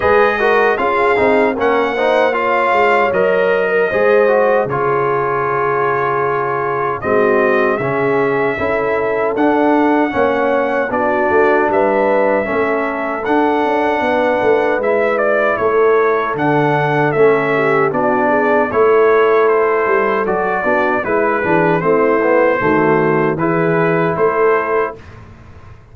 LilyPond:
<<
  \new Staff \with { instrumentName = "trumpet" } { \time 4/4 \tempo 4 = 77 dis''4 f''4 fis''4 f''4 | dis''2 cis''2~ | cis''4 dis''4 e''2 | fis''2 d''4 e''4~ |
e''4 fis''2 e''8 d''8 | cis''4 fis''4 e''4 d''4 | cis''4 c''4 d''4 b'4 | c''2 b'4 c''4 | }
  \new Staff \with { instrumentName = "horn" } { \time 4/4 b'8 ais'8 gis'4 ais'8 c''8 cis''4~ | cis''8. ais'16 c''4 gis'2~ | gis'4 fis'4 gis'4 a'4~ | a'4 cis''4 fis'4 b'4 |
a'2 b'2 | a'2~ a'8 g'8 fis'8 gis'8 | a'2~ a'8 fis'8 e'8 gis'8 | e'4 fis'4 gis'4 a'4 | }
  \new Staff \with { instrumentName = "trombone" } { \time 4/4 gis'8 fis'8 f'8 dis'8 cis'8 dis'8 f'4 | ais'4 gis'8 fis'8 f'2~ | f'4 c'4 cis'4 e'4 | d'4 cis'4 d'2 |
cis'4 d'2 e'4~ | e'4 d'4 cis'4 d'4 | e'2 fis'8 d'8 e'8 d'8 | c'8 b8 a4 e'2 | }
  \new Staff \with { instrumentName = "tuba" } { \time 4/4 gis4 cis'8 c'8 ais4. gis8 | fis4 gis4 cis2~ | cis4 gis4 cis4 cis'4 | d'4 ais4 b8 a8 g4 |
a4 d'8 cis'8 b8 a8 gis4 | a4 d4 a4 b4 | a4. g8 fis8 b8 gis8 e8 | a4 dis4 e4 a4 | }
>>